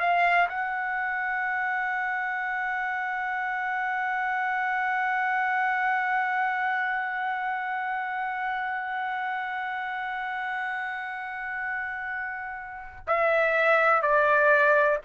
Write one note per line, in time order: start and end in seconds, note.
0.00 0.48 F5
0.49 13.07 F#5
13.08 14.02 E5
14.02 14.99 D5